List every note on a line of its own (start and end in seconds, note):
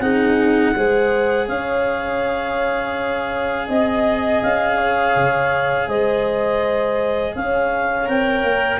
0.00 0.73 C4
0.00 0.75 D#4
0.00 0.75 G#4
0.00 1.47 F#5
0.75 1.48 G#3
0.75 8.05 G#4
0.75 1.48 C5
1.48 3.68 C#4
1.48 3.68 C#5
1.48 3.67 F5
3.68 4.42 C4
3.68 4.77 D#5
3.68 4.43 D#5
4.43 5.16 C#4
4.43 5.88 F5
4.77 5.87 C#5
5.16 5.87 C#3
5.87 7.34 G#3
5.87 7.35 C5
5.87 7.35 D#5
7.35 8.08 C#4
7.35 8.80 C#5
7.35 8.09 F5
8.05 8.43 C4
8.05 8.79 A#4
8.05 8.80 G5
8.43 8.80 A#3